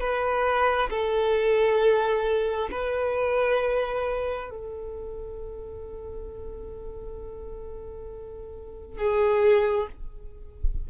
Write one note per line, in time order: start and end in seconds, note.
0.00 0.90 B4
0.90 2.69 A4
2.71 4.50 B4
4.51 8.98 A4
8.98 9.87 G#4